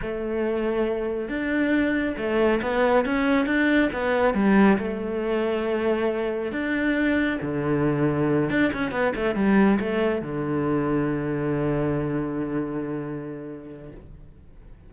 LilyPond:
\new Staff \with { instrumentName = "cello" } { \time 4/4 \tempo 4 = 138 a2. d'4~ | d'4 a4 b4 cis'4 | d'4 b4 g4 a4~ | a2. d'4~ |
d'4 d2~ d8 d'8 | cis'8 b8 a8 g4 a4 d8~ | d1~ | d1 | }